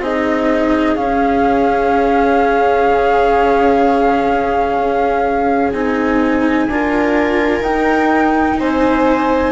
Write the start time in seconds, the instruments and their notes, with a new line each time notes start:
0.00 bassoon C4, cello D#4, viola G#4, flute D#5
0.96 cello C#4, bassoon C#4, flute F5
2.87 bassoon C#3
4.79 bassoon C#4
5.73 bassoon C4, cello D#4, flute G#5
6.68 bassoon D4, cello F4, viola A#4
7.60 bassoon D#4, cello D#4, flute G5
8.60 bassoon C4, viola C5, flute G#5